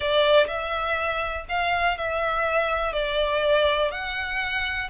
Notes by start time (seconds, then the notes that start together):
0.00 D5
0.47 E5
1.48 F5
1.97 E5
2.93 D5
3.91 F#5